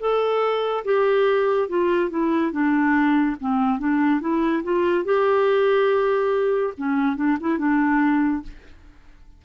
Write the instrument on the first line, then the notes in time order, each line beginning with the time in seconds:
clarinet
0.00 A4
0.85 G4
1.69 F4
2.10 E4
2.52 D4
3.40 C4
3.79 D4
4.21 E4
4.64 F4
5.05 G4
6.78 C#4
7.16 D4
7.41 E4
7.59 D4